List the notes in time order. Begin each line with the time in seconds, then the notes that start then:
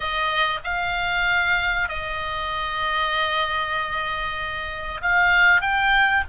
0.00 D#5
0.63 F5
1.88 D#5
5.01 F5
5.61 G5